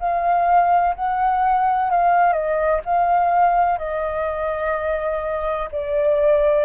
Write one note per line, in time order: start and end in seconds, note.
0.00 0.95 F5
0.96 1.91 F#5
1.91 2.33 F5
2.33 2.81 D#5
2.85 3.79 F5
3.79 5.69 D#5
5.72 6.65 D5